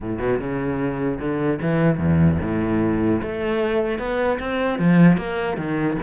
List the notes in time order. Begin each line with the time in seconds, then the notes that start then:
0.01 A2
0.18 B2
0.39 C#3
1.19 D3
1.61 E3
1.98 E2
2.41 A2
3.21 A3
3.98 B3
4.39 C4
4.79 F3
5.17 A#3
5.57 D#3